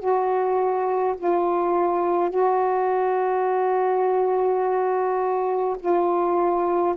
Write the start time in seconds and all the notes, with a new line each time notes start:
0.00 F#4
1.18 F4
2.30 F#4
5.80 F4